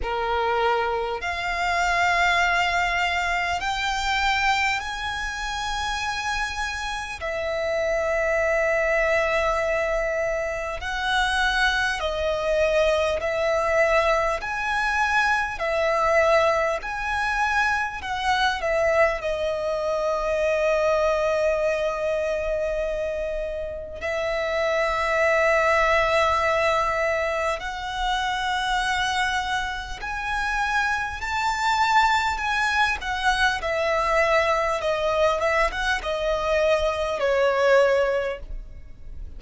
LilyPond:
\new Staff \with { instrumentName = "violin" } { \time 4/4 \tempo 4 = 50 ais'4 f''2 g''4 | gis''2 e''2~ | e''4 fis''4 dis''4 e''4 | gis''4 e''4 gis''4 fis''8 e''8 |
dis''1 | e''2. fis''4~ | fis''4 gis''4 a''4 gis''8 fis''8 | e''4 dis''8 e''16 fis''16 dis''4 cis''4 | }